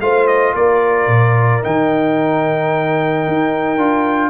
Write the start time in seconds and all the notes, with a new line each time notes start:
0.00 A3 F4 C5 F5
0.27 D#5
0.53 A#3 A#4 D5
1.07 A#2
1.62 D#3 D#4 G5
3.28 D#4
3.78 D4 F4